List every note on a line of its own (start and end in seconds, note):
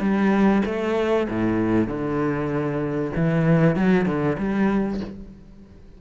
0.00 0.62 G3
0.65 1.27 A3
1.29 1.87 A2
1.87 3.11 D3
3.15 3.75 E3
3.75 4.06 F#3
4.06 4.37 D3
4.38 5.00 G3